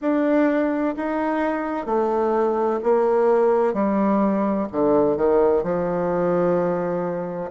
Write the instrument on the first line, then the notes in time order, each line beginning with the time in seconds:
bassoon
0.01 D4
0.96 D#4
1.86 A3
2.83 A#3
3.73 G3
4.72 D3
5.16 D#3
5.62 F3